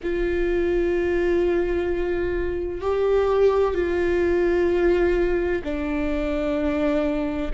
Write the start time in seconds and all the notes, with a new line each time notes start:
0.03 F4
2.81 G4
3.74 F4
5.63 D4